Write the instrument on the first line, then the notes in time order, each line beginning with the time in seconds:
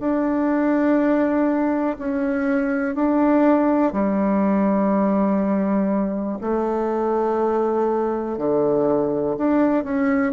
bassoon
0.00 D4
1.99 C#4
2.95 D4
3.93 G3
6.41 A3
8.38 D3
9.38 D4
9.84 C#4